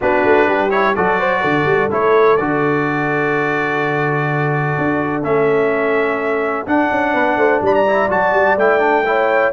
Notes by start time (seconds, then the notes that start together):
0.01 B3 D4 F#4 B4
0.23 A3
0.46 G3 G4
0.70 E4 C#5
0.95 F#3 F#4 A4 D5
1.19 C5
1.41 D3 A4
1.65 G3
1.90 A3 E4 C#5
2.37 D3 F#4 D5
4.78 D4
5.23 A3 C#4 E5
6.66 D4 F#5
6.91 C#4
7.13 B3 B4
7.37 A3 C5
7.61 G3 D5 B5
7.74 A#5
7.86 E4
8.09 F#3 F#4 A5
8.32 G3
8.56 A3 E4 G5
8.79 D4
9.05 E4 C#5